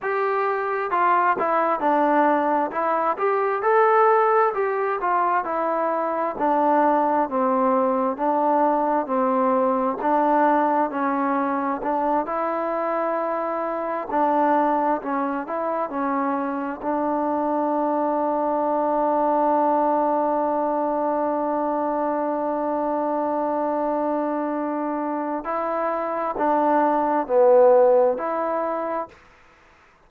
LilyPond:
\new Staff \with { instrumentName = "trombone" } { \time 4/4 \tempo 4 = 66 g'4 f'8 e'8 d'4 e'8 g'8 | a'4 g'8 f'8 e'4 d'4 | c'4 d'4 c'4 d'4 | cis'4 d'8 e'2 d'8~ |
d'8 cis'8 e'8 cis'4 d'4.~ | d'1~ | d'1 | e'4 d'4 b4 e'4 | }